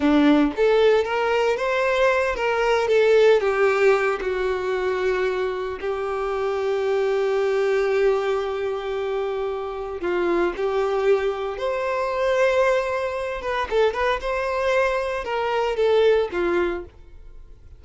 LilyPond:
\new Staff \with { instrumentName = "violin" } { \time 4/4 \tempo 4 = 114 d'4 a'4 ais'4 c''4~ | c''8 ais'4 a'4 g'4. | fis'2. g'4~ | g'1~ |
g'2. f'4 | g'2 c''2~ | c''4. b'8 a'8 b'8 c''4~ | c''4 ais'4 a'4 f'4 | }